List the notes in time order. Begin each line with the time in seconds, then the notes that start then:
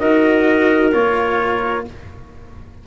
0.00 D#4 F#4 A#4 D#5
0.92 A#3 F4 C#5